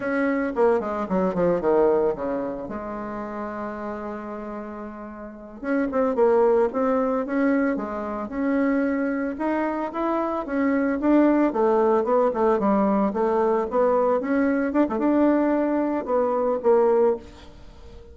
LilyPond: \new Staff \with { instrumentName = "bassoon" } { \time 4/4 \tempo 4 = 112 cis'4 ais8 gis8 fis8 f8 dis4 | cis4 gis2.~ | gis2~ gis8 cis'8 c'8 ais8~ | ais8 c'4 cis'4 gis4 cis'8~ |
cis'4. dis'4 e'4 cis'8~ | cis'8 d'4 a4 b8 a8 g8~ | g8 a4 b4 cis'4 d'16 a16 | d'2 b4 ais4 | }